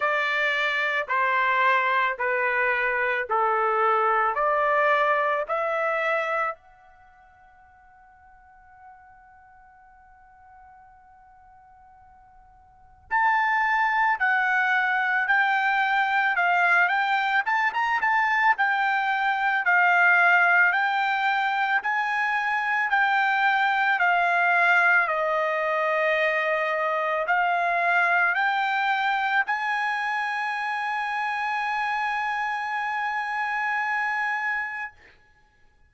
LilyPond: \new Staff \with { instrumentName = "trumpet" } { \time 4/4 \tempo 4 = 55 d''4 c''4 b'4 a'4 | d''4 e''4 fis''2~ | fis''1 | a''4 fis''4 g''4 f''8 g''8 |
a''16 ais''16 a''8 g''4 f''4 g''4 | gis''4 g''4 f''4 dis''4~ | dis''4 f''4 g''4 gis''4~ | gis''1 | }